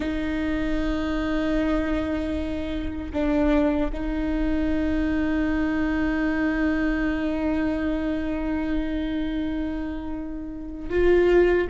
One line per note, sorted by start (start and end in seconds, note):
0.00 3.12 D#4
3.13 3.91 D4
3.92 10.89 D#4
10.89 11.67 F4